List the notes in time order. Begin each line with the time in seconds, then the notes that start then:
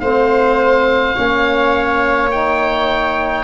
0.00 A3 C4 C5 F5
1.16 A#3 C#4 C#5
2.31 D#4 G5